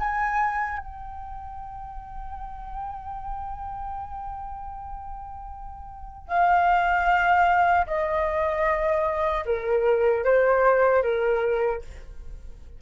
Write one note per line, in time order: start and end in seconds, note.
0.00 0.79 G#5
0.79 6.28 G5
6.28 7.86 F5
7.87 9.45 D#5
9.46 10.25 A#4
10.25 11.03 C5
11.03 11.82 A#4